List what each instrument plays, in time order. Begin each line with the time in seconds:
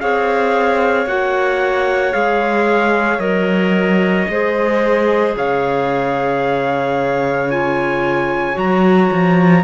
0.00 cello C4, clarinet G#4, violin C#5, trumpet F5
1.06 cello A#3, clarinet F#4, trumpet F#5
2.12 cello G#3, clarinet G#4, trumpet F5
3.19 cello F#3, clarinet A#4, trumpet D#5
4.29 cello G#3, clarinet G#4, violin C5
5.37 cello C#3, violin C#5, trumpet F5
7.51 clarinet F4, trumpet G#5
8.54 cello F#3, clarinet F#4, trumpet A#5
9.12 cello F3